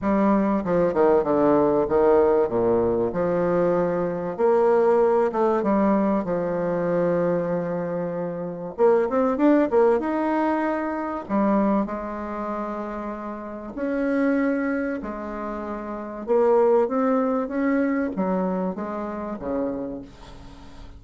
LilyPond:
\new Staff \with { instrumentName = "bassoon" } { \time 4/4 \tempo 4 = 96 g4 f8 dis8 d4 dis4 | ais,4 f2 ais4~ | ais8 a8 g4 f2~ | f2 ais8 c'8 d'8 ais8 |
dis'2 g4 gis4~ | gis2 cis'2 | gis2 ais4 c'4 | cis'4 fis4 gis4 cis4 | }